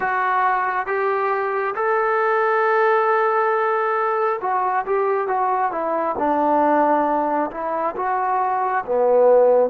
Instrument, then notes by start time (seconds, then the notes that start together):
trombone
0.00 F#4
0.86 G4
1.75 A4
4.41 F#4
4.85 G4
5.27 F#4
5.71 E4
6.18 D4
7.50 E4
7.96 F#4
8.85 B3